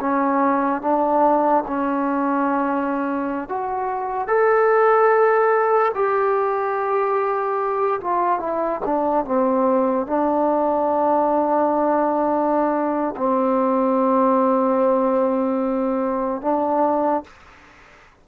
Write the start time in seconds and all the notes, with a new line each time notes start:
0.00 C#4
0.82 D4
1.67 C#4
3.49 F#4
4.28 A4
5.95 G4
8.01 F4
8.40 E4
8.85 D4
9.25 C4
10.07 D4
13.17 C4
16.42 D4